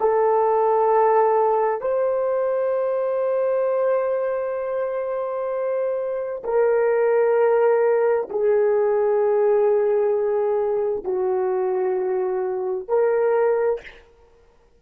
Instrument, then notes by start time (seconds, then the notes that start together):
horn
0.00 A4
1.81 C5
6.44 A#4
8.30 G#4
11.04 F#4
12.89 A#4